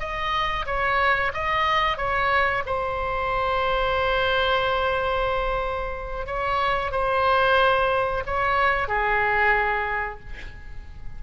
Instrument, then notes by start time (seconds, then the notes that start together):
oboe
0.00 D#5
0.67 C#5
1.34 D#5
1.98 C#5
2.66 C5
6.27 C#5
6.92 C5
8.26 C#5
8.88 G#4